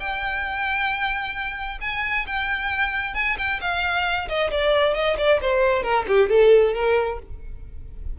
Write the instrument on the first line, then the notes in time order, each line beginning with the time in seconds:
violin
0.00 G5
1.81 G#5
2.27 G5
3.15 G#5
3.38 G5
3.61 F5
4.29 D#5
4.51 D5
4.95 D#5
5.18 D5
5.42 C5
5.83 A#4
6.08 G4
6.30 A4
6.74 A#4